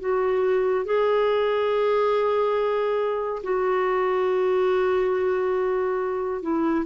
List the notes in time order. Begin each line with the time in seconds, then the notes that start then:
0.00 F#4
0.85 G#4
3.43 F#4
6.42 E4